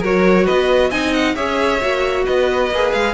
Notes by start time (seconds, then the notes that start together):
0.00 F#3 F#4 A#4 C#5
0.44 B3 B4 D#5
0.90 C4 D#4 D#5 G#5
1.13 F#5
1.35 C#4 G#4 C#5 E5
1.81 A#3 F#4
2.26 B3 B4 D#5
2.71 A#3 G#4
2.92 G#3 F5